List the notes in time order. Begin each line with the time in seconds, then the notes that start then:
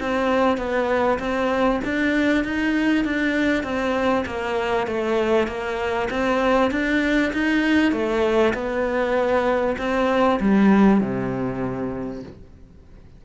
0.00 C4
0.58 B3
1.19 C4
1.85 D4
2.44 D#4
3.05 D4
3.64 C4
4.26 A#3
4.87 A3
5.48 A#3
6.11 C4
6.71 D4
7.33 D#4
7.93 A3
8.54 B3
9.78 C4
10.41 G3
11.01 C3